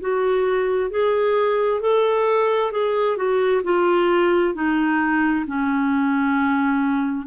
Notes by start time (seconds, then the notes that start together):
0.00 F#4
0.90 G#4
1.81 A4
2.71 G#4
3.17 F#4
3.64 F4
4.54 D#4
5.47 C#4